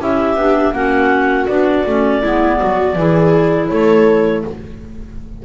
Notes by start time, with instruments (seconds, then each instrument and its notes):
0.00 double bass C#4, clarinet E4 E5, viola G4
0.35 double bass B3, clarinet D4
0.73 double bass A#3, clarinet C#4 F#5, viola F#4
1.47 double bass B3, clarinet D4 D5
1.86 double bass A3, clarinet C#4
2.22 double bass G#3, clarinet B3, viola E4
2.60 double bass F#3, viola F#4
2.96 double bass E3, clarinet E4, viola G#4
3.69 double bass A3, viola A4, clarinet C#5